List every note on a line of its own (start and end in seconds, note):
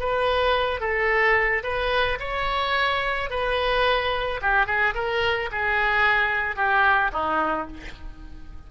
0.00 0.81 B4
0.81 1.63 A4
1.64 2.19 B4
2.20 3.30 C#5
3.31 4.41 B4
4.42 4.67 G4
4.67 4.95 G#4
4.95 5.50 A#4
5.52 6.57 G#4
6.57 7.12 G4
7.13 7.68 D#4